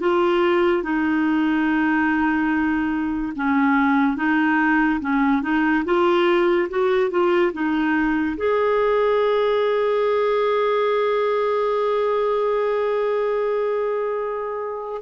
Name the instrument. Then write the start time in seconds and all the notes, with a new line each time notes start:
clarinet
0.00 F4
0.83 D#4
3.36 C#4
4.17 D#4
5.01 C#4
5.42 D#4
5.85 F4
6.69 F#4
7.11 F4
7.53 D#4
8.37 G#4